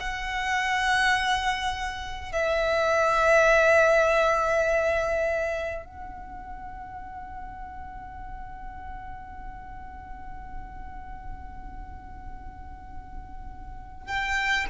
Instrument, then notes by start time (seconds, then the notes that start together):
violin
0.00 F#5
2.33 E5
5.86 F#5
14.07 G5